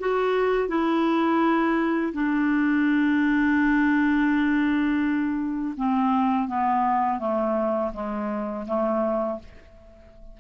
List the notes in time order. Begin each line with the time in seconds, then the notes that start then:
0.00 F#4
0.69 E4
2.14 D4
5.77 C4
6.49 B3
7.20 A3
7.94 G#3
8.67 A3